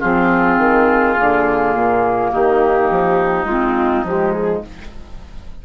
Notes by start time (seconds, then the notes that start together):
0.00 F3 C4 F4 G#4
0.58 D#3
1.16 D3 A#3
1.75 A#2
2.33 D#3 D#4 G4
2.91 F3
3.45 G#3 C4 F4
4.04 F3 G#3 G4
4.32 G#4